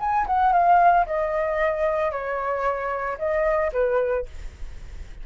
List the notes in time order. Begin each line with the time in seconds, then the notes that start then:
0.00 G#5
0.27 F#5
0.53 F5
1.07 D#5
2.12 C#5
3.19 D#5
3.73 B4